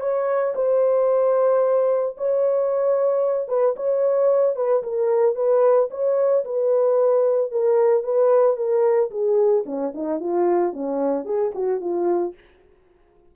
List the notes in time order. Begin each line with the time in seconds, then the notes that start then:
0.00 C#5
0.55 C5
2.17 C#5
3.48 B4
3.76 C#5
4.56 B4
4.83 A#4
5.35 B4
5.91 C#5
6.45 B4
7.51 A#4
8.04 B4
8.57 A#4
9.10 G#4
9.66 C#4
9.94 D#4
10.20 F4
10.73 C#4
11.25 G#4
11.55 F#4
11.80 F4